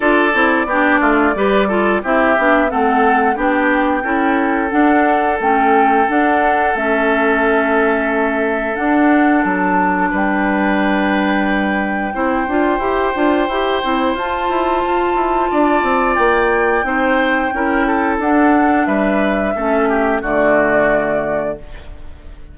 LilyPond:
<<
  \new Staff \with { instrumentName = "flute" } { \time 4/4 \tempo 4 = 89 d''2. e''4 | fis''4 g''2 fis''4 | g''4 fis''4 e''2~ | e''4 fis''4 a''4 g''4~ |
g''1~ | g''4 a''2. | g''2. fis''4 | e''2 d''2 | }
  \new Staff \with { instrumentName = "oboe" } { \time 4/4 a'4 g'8 f'8 b'8 a'8 g'4 | a'4 g'4 a'2~ | a'1~ | a'2. b'4~ |
b'2 c''2~ | c''2. d''4~ | d''4 c''4 ais'8 a'4. | b'4 a'8 g'8 fis'2 | }
  \new Staff \with { instrumentName = "clarinet" } { \time 4/4 f'8 e'8 d'4 g'8 f'8 e'8 d'8 | c'4 d'4 e'4 d'4 | cis'4 d'4 cis'2~ | cis'4 d'2.~ |
d'2 e'8 f'8 g'8 f'8 | g'8 e'8 f'2.~ | f'4 dis'4 e'4 d'4~ | d'4 cis'4 a2 | }
  \new Staff \with { instrumentName = "bassoon" } { \time 4/4 d'8 c'8 b8 a8 g4 c'8 b8 | a4 b4 cis'4 d'4 | a4 d'4 a2~ | a4 d'4 fis4 g4~ |
g2 c'8 d'8 e'8 d'8 | e'8 c'8 f'8 e'8 f'8 e'8 d'8 c'8 | ais4 c'4 cis'4 d'4 | g4 a4 d2 | }
>>